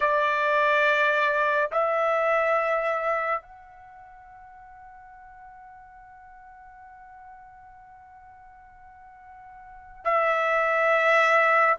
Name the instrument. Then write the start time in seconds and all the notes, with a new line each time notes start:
trumpet
0.00 D5
1.71 E5
3.41 F#5
10.04 E5